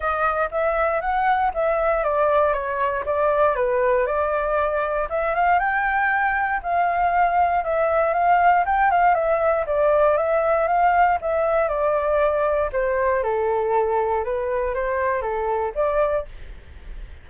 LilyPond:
\new Staff \with { instrumentName = "flute" } { \time 4/4 \tempo 4 = 118 dis''4 e''4 fis''4 e''4 | d''4 cis''4 d''4 b'4 | d''2 e''8 f''8 g''4~ | g''4 f''2 e''4 |
f''4 g''8 f''8 e''4 d''4 | e''4 f''4 e''4 d''4~ | d''4 c''4 a'2 | b'4 c''4 a'4 d''4 | }